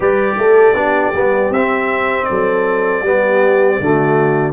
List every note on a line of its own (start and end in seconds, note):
0.00 0.37 G3
0.00 0.75 G4
0.00 0.35 B4
0.00 1.53 D5
0.37 0.73 A3
0.37 0.75 A4
0.73 1.11 B3
0.73 1.13 D4
0.73 2.27 G4
1.13 1.49 G3
1.13 1.53 B3
1.49 2.25 C4
1.49 3.05 C4
1.49 2.24 E5
2.24 3.04 A4
2.24 4.52 D5
2.30 3.01 F#3
3.01 3.77 G3
3.01 3.81 B3
3.01 3.81 G4
3.79 4.52 D3
3.79 4.52 A3
3.79 4.52 F#4